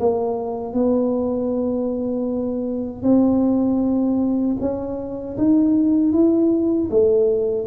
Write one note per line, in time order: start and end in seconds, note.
0.00 0.73 A#3
0.73 3.03 B3
3.03 4.57 C4
4.60 5.37 C#4
5.37 6.13 D#4
6.13 6.90 E4
6.91 7.67 A3